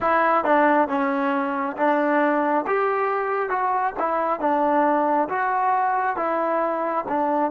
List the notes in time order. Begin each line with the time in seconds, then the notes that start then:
0.00 E4
0.44 D4
0.88 C#4
1.76 D4
2.66 G4
3.49 F#4
3.99 E4
4.40 D4
5.29 F#4
6.16 E4
7.08 D4